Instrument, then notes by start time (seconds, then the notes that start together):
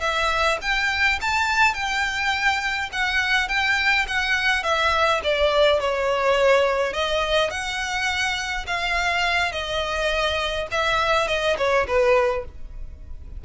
violin
0.00 E5
0.61 G5
1.21 A5
1.74 G5
2.92 F#5
3.48 G5
4.07 F#5
4.63 E5
5.23 D5
5.80 C#5
6.93 D#5
7.50 F#5
8.66 F5
9.52 D#5
10.71 E5
11.27 D#5
11.57 C#5
11.87 B4